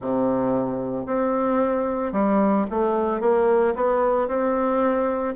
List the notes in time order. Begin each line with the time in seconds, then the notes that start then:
0.00 C3
1.06 C4
2.12 G3
2.70 A3
3.20 A#3
3.75 B3
4.28 C4